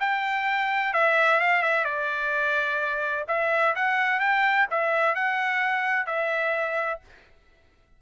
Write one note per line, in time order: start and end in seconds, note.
0.00 0.94 G5
0.94 1.41 E5
1.41 1.63 F5
1.63 1.85 E5
1.85 3.26 D5
3.28 3.75 E5
3.76 4.20 F#5
4.20 4.67 G5
4.71 5.16 E5
5.16 6.07 F#5
6.07 7.01 E5